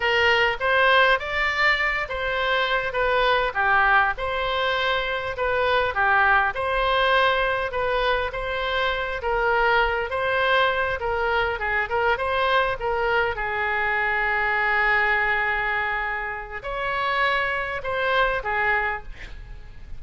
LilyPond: \new Staff \with { instrumentName = "oboe" } { \time 4/4 \tempo 4 = 101 ais'4 c''4 d''4. c''8~ | c''4 b'4 g'4 c''4~ | c''4 b'4 g'4 c''4~ | c''4 b'4 c''4. ais'8~ |
ais'4 c''4. ais'4 gis'8 | ais'8 c''4 ais'4 gis'4.~ | gis'1 | cis''2 c''4 gis'4 | }